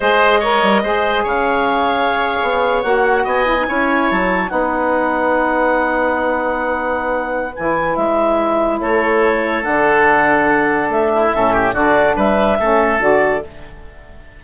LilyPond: <<
  \new Staff \with { instrumentName = "clarinet" } { \time 4/4 \tempo 4 = 143 dis''2. f''4~ | f''2~ f''8. fis''4 gis''16~ | gis''4.~ gis''16 a''4 fis''4~ fis''16~ | fis''1~ |
fis''2 gis''4 e''4~ | e''4 cis''2 fis''4~ | fis''2 e''2 | d''4 e''2 d''4 | }
  \new Staff \with { instrumentName = "oboe" } { \time 4/4 c''4 cis''4 c''4 cis''4~ | cis''2.~ cis''8. dis''16~ | dis''8. cis''2 b'4~ b'16~ | b'1~ |
b'1~ | b'4 a'2.~ | a'2~ a'8 e'8 a'8 g'8 | fis'4 b'4 a'2 | }
  \new Staff \with { instrumentName = "saxophone" } { \time 4/4 gis'4 ais'4 gis'2~ | gis'2~ gis'8. fis'4~ fis'16~ | fis'16 e'16 dis'16 e'2 dis'4~ dis'16~ | dis'1~ |
dis'2 e'2~ | e'2. d'4~ | d'2. cis'4 | d'2 cis'4 fis'4 | }
  \new Staff \with { instrumentName = "bassoon" } { \time 4/4 gis4. g8 gis4 cis4~ | cis4.~ cis16 b4 ais4 b16~ | b8. cis'4 fis4 b4~ b16~ | b1~ |
b2 e4 gis4~ | gis4 a2 d4~ | d2 a4 a,4 | d4 g4 a4 d4 | }
>>